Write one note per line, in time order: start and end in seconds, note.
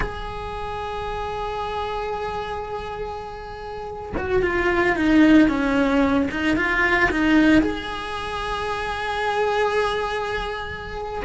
0.00 4.12 G#4
4.17 4.42 F#4
4.42 4.96 F4
4.96 5.48 D#4
5.48 6.28 C#4
6.30 6.56 D#4
6.56 7.10 F4
7.10 7.61 D#4
7.61 11.23 G#4